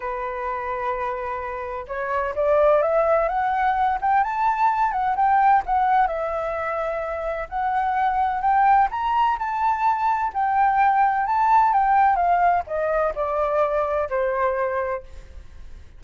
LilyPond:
\new Staff \with { instrumentName = "flute" } { \time 4/4 \tempo 4 = 128 b'1 | cis''4 d''4 e''4 fis''4~ | fis''8 g''8 a''4. fis''8 g''4 | fis''4 e''2. |
fis''2 g''4 ais''4 | a''2 g''2 | a''4 g''4 f''4 dis''4 | d''2 c''2 | }